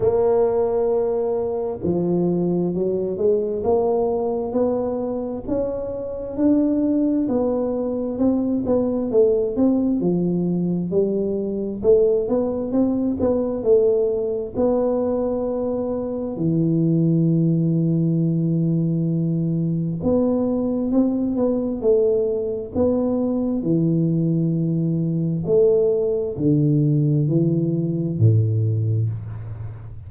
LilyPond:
\new Staff \with { instrumentName = "tuba" } { \time 4/4 \tempo 4 = 66 ais2 f4 fis8 gis8 | ais4 b4 cis'4 d'4 | b4 c'8 b8 a8 c'8 f4 | g4 a8 b8 c'8 b8 a4 |
b2 e2~ | e2 b4 c'8 b8 | a4 b4 e2 | a4 d4 e4 a,4 | }